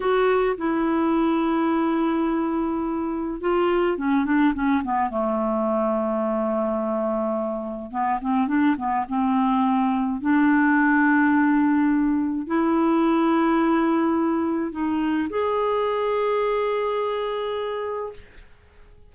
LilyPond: \new Staff \with { instrumentName = "clarinet" } { \time 4/4 \tempo 4 = 106 fis'4 e'2.~ | e'2 f'4 cis'8 d'8 | cis'8 b8 a2.~ | a2 b8 c'8 d'8 b8 |
c'2 d'2~ | d'2 e'2~ | e'2 dis'4 gis'4~ | gis'1 | }